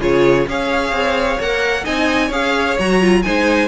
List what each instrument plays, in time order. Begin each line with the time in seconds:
0.00 cello C#3, viola F4, violin G#4 C#5
0.47 cello C#4, viola G#4, violin C#5 F5
0.92 cello C4
1.40 cello A#3, viola A#4, violin F#5
1.84 cello C4, viola D#4, violin D#5 G#5
2.27 cello C#4, viola G#4, violin C#5 F5
2.79 cello F#3, viola F#4, violin A#5
3.01 viola F4
3.22 cello G#3, viola D#4, violin C5 G#5